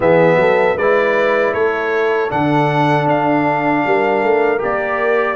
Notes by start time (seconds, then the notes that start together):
0.00 E3 B3 G#4 E5
0.36 F#3 A4
0.76 G#3 E4 B4 D5
1.52 A3 A4 C#5
2.29 D3 D4 F#5
3.06 D4 F5
3.86 G3 A#4
4.23 A3
4.58 A#3 G4 D5